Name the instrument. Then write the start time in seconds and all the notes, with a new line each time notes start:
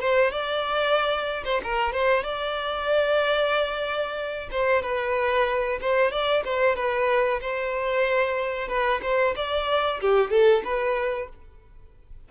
violin
0.00 C5
0.31 D5
1.45 C5
1.63 A#4
1.93 C5
2.23 D5
4.51 C5
4.82 B4
5.81 C5
6.11 D5
6.44 C5
6.76 B4
7.41 C5
8.68 B4
9.02 C5
9.36 D5
10.01 G4
10.30 A4
10.64 B4